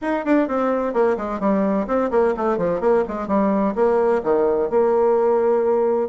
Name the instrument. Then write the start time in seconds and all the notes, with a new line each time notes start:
bassoon
0.01 D#4
0.25 D4
0.48 C4
0.93 A#3
1.17 G#3
1.40 G3
1.87 C4
2.11 A#3
2.37 A3
2.57 F3
2.80 A#3
3.08 G#3
3.27 G3
3.75 A#3
4.23 D#3
4.70 A#3